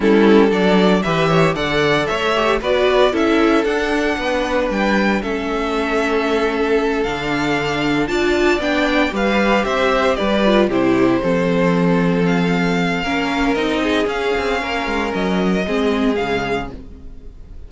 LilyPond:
<<
  \new Staff \with { instrumentName = "violin" } { \time 4/4 \tempo 4 = 115 a'4 d''4 e''4 fis''4 | e''4 d''4 e''4 fis''4~ | fis''4 g''4 e''2~ | e''4. f''2 a''8~ |
a''8 g''4 f''4 e''4 d''8~ | d''8 c''2. f''8~ | f''2 dis''4 f''4~ | f''4 dis''2 f''4 | }
  \new Staff \with { instrumentName = "violin" } { \time 4/4 e'4 a'4 b'8 cis''8 d''4 | cis''4 b'4 a'2 | b'2 a'2~ | a'2.~ a'8 d''8~ |
d''4. b'4 c''4 b'8~ | b'8 g'4 a'2~ a'8~ | a'4 ais'4. gis'4. | ais'2 gis'2 | }
  \new Staff \with { instrumentName = "viola" } { \time 4/4 cis'4 d'4 g'4 a'4~ | a'8 g'8 fis'4 e'4 d'4~ | d'2 cis'2~ | cis'4. d'2 f'8~ |
f'8 d'4 g'2~ g'8 | f'8 e'4 c'2~ c'8~ | c'4 cis'4 dis'4 cis'4~ | cis'2 c'4 gis4 | }
  \new Staff \with { instrumentName = "cello" } { \time 4/4 g4 fis4 e4 d4 | a4 b4 cis'4 d'4 | b4 g4 a2~ | a4. d2 d'8~ |
d'8 b4 g4 c'4 g8~ | g8 c4 f2~ f8~ | f4 ais4 c'4 cis'8 c'8 | ais8 gis8 fis4 gis4 cis4 | }
>>